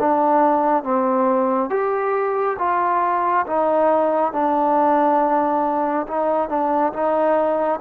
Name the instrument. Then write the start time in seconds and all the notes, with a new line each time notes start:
trombone
0.00 D4
0.83 C4
1.70 G4
2.59 F4
3.47 D#4
4.33 D4
6.08 D#4
6.49 D4
6.93 D#4